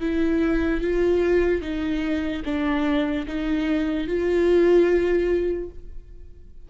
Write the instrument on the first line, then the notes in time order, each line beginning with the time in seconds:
viola
0.00 E4
0.81 F4
1.61 D#4
2.45 D4
3.27 D#4
4.07 F4